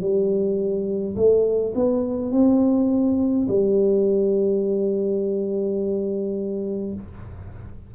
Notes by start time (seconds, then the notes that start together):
0.00 G3
1.15 A3
1.74 B3
2.31 C4
3.48 G3